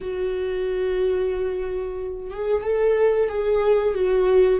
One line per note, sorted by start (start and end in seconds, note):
0.01 2.30 F#4
2.30 2.63 G#4
2.63 3.29 A4
3.29 3.94 G#4
3.94 4.60 F#4